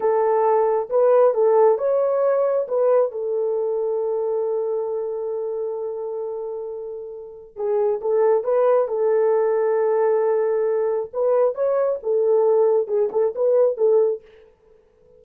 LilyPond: \new Staff \with { instrumentName = "horn" } { \time 4/4 \tempo 4 = 135 a'2 b'4 a'4 | cis''2 b'4 a'4~ | a'1~ | a'1~ |
a'4 gis'4 a'4 b'4 | a'1~ | a'4 b'4 cis''4 a'4~ | a'4 gis'8 a'8 b'4 a'4 | }